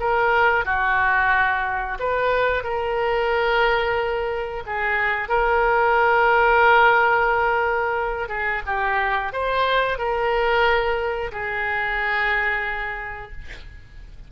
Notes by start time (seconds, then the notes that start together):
0.00 A#4
0.65 F#4
1.99 B4
2.63 A#4
4.66 G#4
5.29 A#4
8.29 G#4
8.66 G4
9.33 C5
9.98 A#4
11.32 G#4